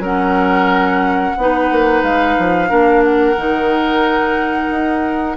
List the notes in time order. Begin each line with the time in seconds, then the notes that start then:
0.00 F#3 C#4 A#4 F#5
1.37 B3 D#4 B4
1.71 A#3
2.03 G#3 F5
2.39 F3
2.69 A#3 D4 A#4
3.04 F#5
3.38 D#3 D#4
4.71 D#4